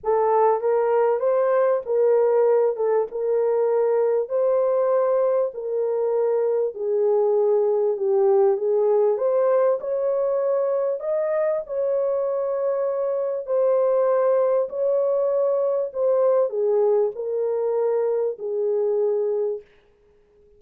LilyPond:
\new Staff \with { instrumentName = "horn" } { \time 4/4 \tempo 4 = 98 a'4 ais'4 c''4 ais'4~ | ais'8 a'8 ais'2 c''4~ | c''4 ais'2 gis'4~ | gis'4 g'4 gis'4 c''4 |
cis''2 dis''4 cis''4~ | cis''2 c''2 | cis''2 c''4 gis'4 | ais'2 gis'2 | }